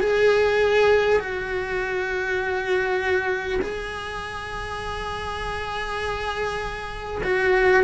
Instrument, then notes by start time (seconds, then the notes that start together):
cello
0.00 G#4
1.19 F#4
3.62 G#4
7.23 F#4